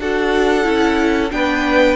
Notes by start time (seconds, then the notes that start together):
0.00 D4 F#4 A4 F#5
0.63 C#4 E4
1.31 B3 D4 B4 G5